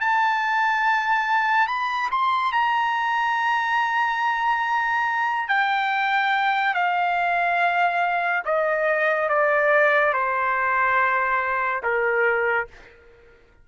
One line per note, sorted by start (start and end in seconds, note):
0.00 1.67 A5
1.67 2.10 B5
2.11 2.52 C6
2.52 5.48 A#5
5.48 6.74 G5
6.74 8.43 F5
8.45 9.29 D#5
9.29 10.13 D5
10.13 11.82 C5
11.83 12.68 A#4